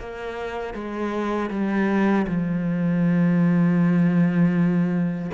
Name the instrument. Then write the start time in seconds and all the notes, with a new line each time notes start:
cello
0.00 A#3
0.74 G#3
1.50 G3
2.28 F3